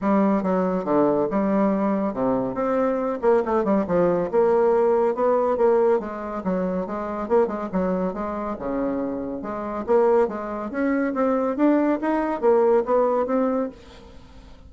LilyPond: \new Staff \with { instrumentName = "bassoon" } { \time 4/4 \tempo 4 = 140 g4 fis4 d4 g4~ | g4 c4 c'4. ais8 | a8 g8 f4 ais2 | b4 ais4 gis4 fis4 |
gis4 ais8 gis8 fis4 gis4 | cis2 gis4 ais4 | gis4 cis'4 c'4 d'4 | dis'4 ais4 b4 c'4 | }